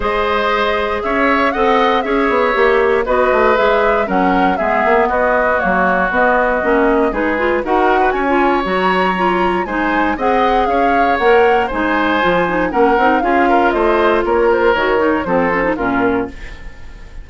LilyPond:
<<
  \new Staff \with { instrumentName = "flute" } { \time 4/4 \tempo 4 = 118 dis''2 e''4 fis''4 | e''2 dis''4 e''4 | fis''4 e''4 dis''4 cis''4 | dis''2 b'4 fis''4 |
gis''4 ais''2 gis''4 | fis''4 f''4 fis''4 gis''4~ | gis''4 fis''4 f''4 dis''4 | cis''8 c''8 cis''4 c''4 ais'4 | }
  \new Staff \with { instrumentName = "oboe" } { \time 4/4 c''2 cis''4 dis''4 | cis''2 b'2 | ais'4 gis'4 fis'2~ | fis'2 gis'4 ais'8. b'16 |
cis''2. c''4 | dis''4 cis''2 c''4~ | c''4 ais'4 gis'8 ais'8 c''4 | ais'2 a'4 f'4 | }
  \new Staff \with { instrumentName = "clarinet" } { \time 4/4 gis'2. a'4 | gis'4 g'4 fis'4 gis'4 | cis'4 b2 ais4 | b4 cis'4 dis'8 f'8 fis'4~ |
fis'16 f'8. fis'4 f'4 dis'4 | gis'2 ais'4 dis'4 | f'8 dis'8 cis'8 dis'8 f'2~ | f'4 fis'8 dis'8 c'8 cis'16 dis'16 cis'4 | }
  \new Staff \with { instrumentName = "bassoon" } { \time 4/4 gis2 cis'4 c'4 | cis'8 b8 ais4 b8 a8 gis4 | fis4 gis8 ais8 b4 fis4 | b4 ais4 gis4 dis'4 |
cis'4 fis2 gis4 | c'4 cis'4 ais4 gis4 | f4 ais8 c'8 cis'4 a4 | ais4 dis4 f4 ais,4 | }
>>